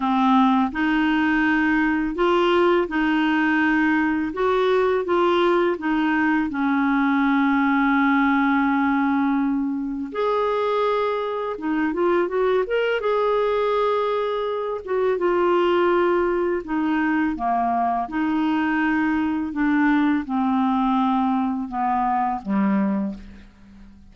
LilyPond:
\new Staff \with { instrumentName = "clarinet" } { \time 4/4 \tempo 4 = 83 c'4 dis'2 f'4 | dis'2 fis'4 f'4 | dis'4 cis'2.~ | cis'2 gis'2 |
dis'8 f'8 fis'8 ais'8 gis'2~ | gis'8 fis'8 f'2 dis'4 | ais4 dis'2 d'4 | c'2 b4 g4 | }